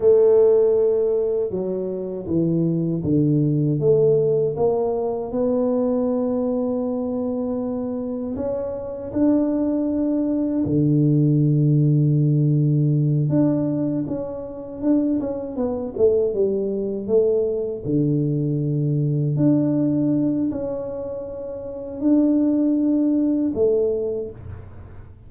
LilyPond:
\new Staff \with { instrumentName = "tuba" } { \time 4/4 \tempo 4 = 79 a2 fis4 e4 | d4 a4 ais4 b4~ | b2. cis'4 | d'2 d2~ |
d4. d'4 cis'4 d'8 | cis'8 b8 a8 g4 a4 d8~ | d4. d'4. cis'4~ | cis'4 d'2 a4 | }